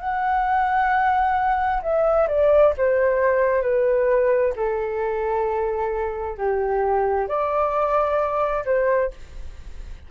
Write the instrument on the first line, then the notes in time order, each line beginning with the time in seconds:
flute
0.00 F#5
1.83 E5
2.28 D5
2.78 C5
3.62 B4
4.57 A4
6.38 G4
7.29 D5
8.66 C5